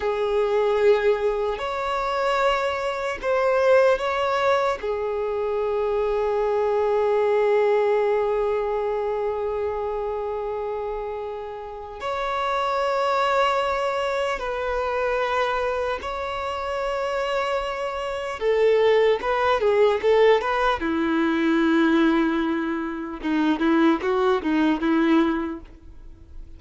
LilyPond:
\new Staff \with { instrumentName = "violin" } { \time 4/4 \tempo 4 = 75 gis'2 cis''2 | c''4 cis''4 gis'2~ | gis'1~ | gis'2. cis''4~ |
cis''2 b'2 | cis''2. a'4 | b'8 gis'8 a'8 b'8 e'2~ | e'4 dis'8 e'8 fis'8 dis'8 e'4 | }